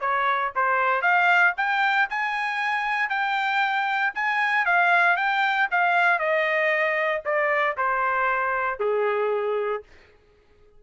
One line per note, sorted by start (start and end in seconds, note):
0.00 0.52 C#5
0.55 1.02 C5
1.02 1.54 F5
1.57 2.09 G5
2.10 3.09 G#5
3.09 4.13 G5
4.14 4.66 G#5
4.66 5.17 F5
5.17 5.68 G5
5.71 6.19 F5
6.19 7.22 D#5
7.25 7.77 D5
7.77 8.79 C5
8.79 9.83 G#4